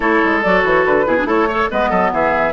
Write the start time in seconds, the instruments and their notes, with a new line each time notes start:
0.00 bassoon A3, clarinet E4, oboe A4, flute C#5
0.24 bassoon G#3
0.42 bassoon F#3, clarinet F#4, flute D5
0.64 bassoon E3, flute C#5
0.85 bassoon D3, flute B4
1.05 bassoon B2, clarinet E4, oboe G#4
1.17 clarinet D4
1.24 bassoon A3, clarinet E4, oboe A4, flute C#5
1.48 clarinet A4, oboe C#5
1.70 bassoon G#3, clarinet B3, oboe B4, flute D#5
1.89 bassoon F#3, oboe A4
2.11 bassoon E3, oboe G#4, flute E5